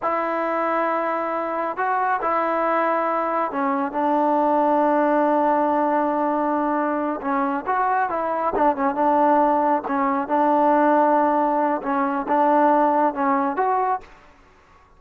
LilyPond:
\new Staff \with { instrumentName = "trombone" } { \time 4/4 \tempo 4 = 137 e'1 | fis'4 e'2. | cis'4 d'2.~ | d'1~ |
d'8 cis'4 fis'4 e'4 d'8 | cis'8 d'2 cis'4 d'8~ | d'2. cis'4 | d'2 cis'4 fis'4 | }